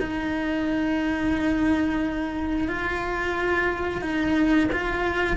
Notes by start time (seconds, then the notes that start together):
0.00 D#4
2.68 F4
4.02 D#4
4.73 F4